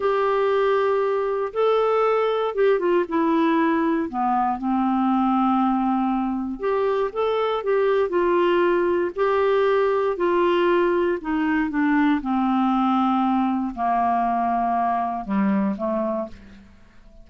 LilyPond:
\new Staff \with { instrumentName = "clarinet" } { \time 4/4 \tempo 4 = 118 g'2. a'4~ | a'4 g'8 f'8 e'2 | b4 c'2.~ | c'4 g'4 a'4 g'4 |
f'2 g'2 | f'2 dis'4 d'4 | c'2. ais4~ | ais2 g4 a4 | }